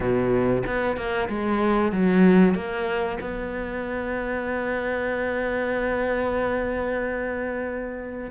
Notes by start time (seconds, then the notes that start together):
0.00 B2
0.66 B3
0.96 A#3
1.29 G#3
1.92 F#3
2.54 A#3
3.20 B3